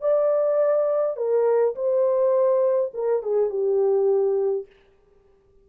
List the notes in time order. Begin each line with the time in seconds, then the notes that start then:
0.00 D5
1.16 A#4
1.75 C5
2.94 A#4
3.22 G#4
3.50 G4